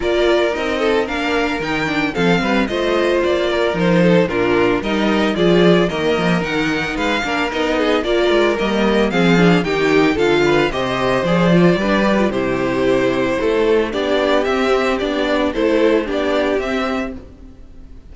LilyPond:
<<
  \new Staff \with { instrumentName = "violin" } { \time 4/4 \tempo 4 = 112 d''4 dis''4 f''4 g''4 | f''4 dis''4 d''4 c''4 | ais'4 dis''4 d''4 dis''4 | fis''4 f''4 dis''4 d''4 |
dis''4 f''4 g''4 f''4 | dis''4 d''2 c''4~ | c''2 d''4 e''4 | d''4 c''4 d''4 e''4 | }
  \new Staff \with { instrumentName = "violin" } { \time 4/4 ais'4. a'8 ais'2 | a'8 b'8 c''4. ais'4 a'8 | f'4 ais'4 gis'4 ais'4~ | ais'4 b'8 ais'4 gis'8 ais'4~ |
ais'4 gis'4 g'4 a'8 b'8 | c''2 b'4 g'4~ | g'4 a'4 g'2~ | g'4 a'4 g'2 | }
  \new Staff \with { instrumentName = "viola" } { \time 4/4 f'4 dis'4 d'4 dis'8 d'8 | c'4 f'2 dis'4 | d'4 dis'4 f'4 ais4 | dis'4. d'8 dis'4 f'4 |
ais4 c'8 d'8 dis'4 f'4 | g'4 gis'8 f'8 d'8 g'16 f'16 e'4~ | e'2 d'4 c'4 | d'4 e'4 d'4 c'4 | }
  \new Staff \with { instrumentName = "cello" } { \time 4/4 ais4 c'4 ais4 dis4 | f8 g8 a4 ais4 f4 | ais,4 g4 f4 dis8 f8 | dis4 gis8 ais8 b4 ais8 gis8 |
g4 f4 dis4 d4 | c4 f4 g4 c4~ | c4 a4 b4 c'4 | b4 a4 b4 c'4 | }
>>